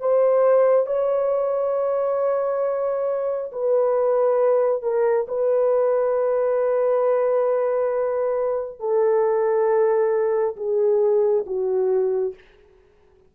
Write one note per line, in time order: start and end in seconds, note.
0.00 0.87 C5
0.87 3.51 C#5
3.52 4.82 B4
4.82 5.27 A#4
5.28 8.80 B4
8.80 10.56 A4
10.57 11.45 G#4
11.46 12.34 F#4